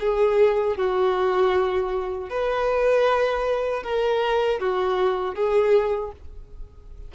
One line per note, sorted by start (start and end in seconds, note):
0.00 0.77 G#4
0.77 2.30 F#4
2.30 3.83 B4
3.83 4.59 A#4
4.59 5.35 F#4
5.35 6.12 G#4